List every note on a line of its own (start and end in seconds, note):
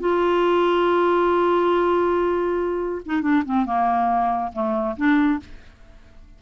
0.00 3.02 F4
3.06 3.22 D#4
3.22 3.43 D4
3.46 3.66 C4
3.66 4.52 A#3
4.53 4.96 A3
4.97 5.40 D4